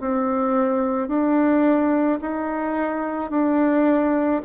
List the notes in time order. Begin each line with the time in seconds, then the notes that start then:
0.00 C4
1.08 D4
2.21 D#4
3.30 D4